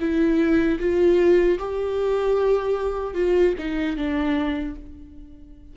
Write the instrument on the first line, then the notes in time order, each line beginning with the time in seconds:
viola
0.00 E4
0.80 F4
1.59 G4
3.14 F4
3.58 D#4
3.97 D4